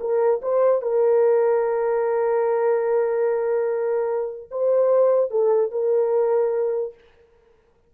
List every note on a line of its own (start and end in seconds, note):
0.00 0.41 A#4
0.42 0.82 C5
0.82 4.49 A#4
4.51 5.30 C5
5.30 5.71 A4
5.72 6.94 A#4